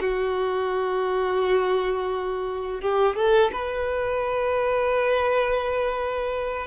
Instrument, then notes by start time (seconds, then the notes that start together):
violin
0.00 F#4
2.81 G4
3.15 A4
3.53 B4